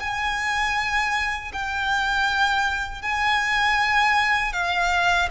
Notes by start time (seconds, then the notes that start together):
0.00 G#5
1.53 G5
3.02 G#5
4.53 F5